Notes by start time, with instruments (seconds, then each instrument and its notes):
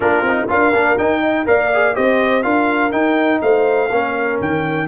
0.00 tuba A#3, trombone D4, horn F4, trumpet A#4
0.21 tuba C4
0.27 trombone D#4
0.48 tuba D4, trombone F4, horn A#4, trumpet F5
0.73 tuba A#3, trombone D4
0.97 trombone D#4, tuba D#4, trumpet G5
1.20 horn D#5
1.45 tuba A#3, trombone A#4, horn D5, trumpet F5
1.73 trombone G#4
1.94 tuba C4, trombone G4, horn C5, trumpet D#5
2.42 tuba D4, trombone F4, horn A#4, trumpet F5
2.91 trombone D#4, tuba D#4, trumpet G5
3.41 tuba A3, horn C5, trumpet F5
3.90 tuba A#3, trombone C#4, horn A#4
4.40 tuba D#3, trumpet G5